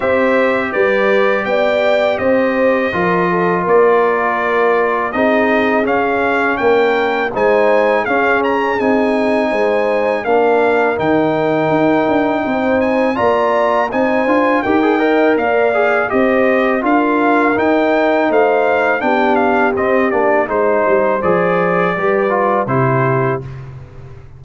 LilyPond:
<<
  \new Staff \with { instrumentName = "trumpet" } { \time 4/4 \tempo 4 = 82 e''4 d''4 g''4 dis''4~ | dis''4 d''2 dis''4 | f''4 g''4 gis''4 f''8 ais''8 | gis''2 f''4 g''4~ |
g''4. gis''8 ais''4 gis''4 | g''4 f''4 dis''4 f''4 | g''4 f''4 g''8 f''8 dis''8 d''8 | c''4 d''2 c''4 | }
  \new Staff \with { instrumentName = "horn" } { \time 4/4 c''4 b'4 d''4 c''4 | ais'8 a'8 ais'2 gis'4~ | gis'4 ais'4 c''4 gis'4~ | gis'4 c''4 ais'2~ |
ais'4 c''4 d''4 c''4 | ais'8 dis''8 d''4 c''4 ais'4~ | ais'4 c''4 g'2 | c''2 b'4 g'4 | }
  \new Staff \with { instrumentName = "trombone" } { \time 4/4 g'1 | f'2. dis'4 | cis'2 dis'4 cis'4 | dis'2 d'4 dis'4~ |
dis'2 f'4 dis'8 f'8 | g'16 gis'16 ais'4 gis'8 g'4 f'4 | dis'2 d'4 c'8 d'8 | dis'4 gis'4 g'8 f'8 e'4 | }
  \new Staff \with { instrumentName = "tuba" } { \time 4/4 c'4 g4 b4 c'4 | f4 ais2 c'4 | cis'4 ais4 gis4 cis'4 | c'4 gis4 ais4 dis4 |
dis'8 d'8 c'4 ais4 c'8 d'8 | dis'4 ais4 c'4 d'4 | dis'4 a4 b4 c'8 ais8 | gis8 g8 f4 g4 c4 | }
>>